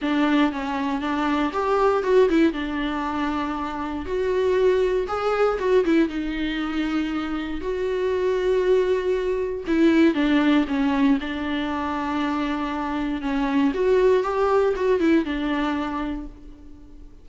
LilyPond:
\new Staff \with { instrumentName = "viola" } { \time 4/4 \tempo 4 = 118 d'4 cis'4 d'4 g'4 | fis'8 e'8 d'2. | fis'2 gis'4 fis'8 e'8 | dis'2. fis'4~ |
fis'2. e'4 | d'4 cis'4 d'2~ | d'2 cis'4 fis'4 | g'4 fis'8 e'8 d'2 | }